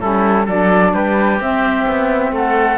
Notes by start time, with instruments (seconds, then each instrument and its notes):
0.00 cello G3, saxophone C#4, oboe E4, flute A4
0.45 cello F#3, saxophone D4, oboe A4, flute D5
0.93 cello G3, oboe G4, flute B4
1.39 saxophone C4, cello C4, flute E5
1.87 cello B3
2.31 cello A3, oboe A4, flute F#5